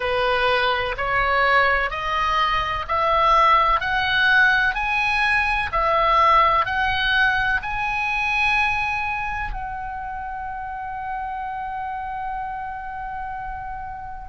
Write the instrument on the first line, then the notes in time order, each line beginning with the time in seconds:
oboe
0.00 B4
0.97 C#5
1.90 D#5
2.88 E5
3.80 F#5
4.74 G#5
5.71 E5
6.65 F#5
7.62 G#5
9.52 F#5